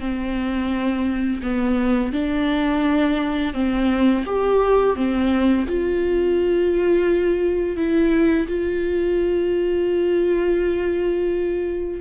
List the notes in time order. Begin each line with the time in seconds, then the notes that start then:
0.00 C4
1.43 B3
2.13 D4
3.54 C4
4.26 G4
4.96 C4
5.68 F4
7.77 E4
8.48 F4